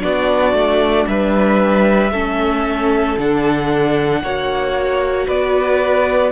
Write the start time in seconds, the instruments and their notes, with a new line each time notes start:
0.00 cello B3, viola D4, violin F#4 D5
0.53 cello A3
1.07 cello G3, violin B4 E5
2.11 cello A3, viola C#4, violin A4
3.17 cello D3, viola D4, violin F#5
4.22 cello A#3, viola F#4, violin C#5
5.27 cello B3, violin B4 D5